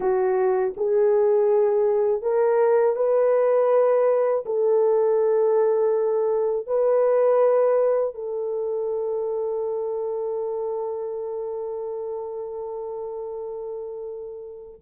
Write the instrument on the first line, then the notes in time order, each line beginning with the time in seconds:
horn
0.00 F#4
0.76 G#4
2.22 A#4
2.96 B4
4.45 A4
6.66 B4
8.14 A4